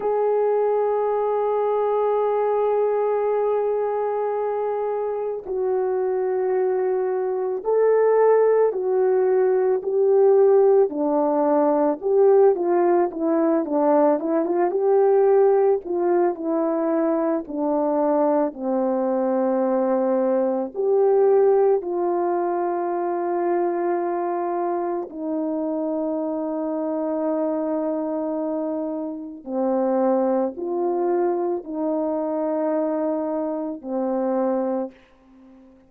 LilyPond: \new Staff \with { instrumentName = "horn" } { \time 4/4 \tempo 4 = 55 gis'1~ | gis'4 fis'2 a'4 | fis'4 g'4 d'4 g'8 f'8 | e'8 d'8 e'16 f'16 g'4 f'8 e'4 |
d'4 c'2 g'4 | f'2. dis'4~ | dis'2. c'4 | f'4 dis'2 c'4 | }